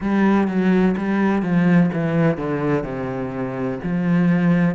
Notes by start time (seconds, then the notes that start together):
0.00 G3
0.47 F#3
0.97 G3
1.42 F3
1.93 E3
2.37 D3
2.83 C3
3.83 F3